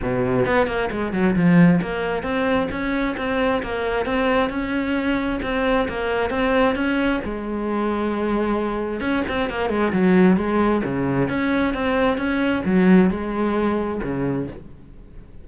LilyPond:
\new Staff \with { instrumentName = "cello" } { \time 4/4 \tempo 4 = 133 b,4 b8 ais8 gis8 fis8 f4 | ais4 c'4 cis'4 c'4 | ais4 c'4 cis'2 | c'4 ais4 c'4 cis'4 |
gis1 | cis'8 c'8 ais8 gis8 fis4 gis4 | cis4 cis'4 c'4 cis'4 | fis4 gis2 cis4 | }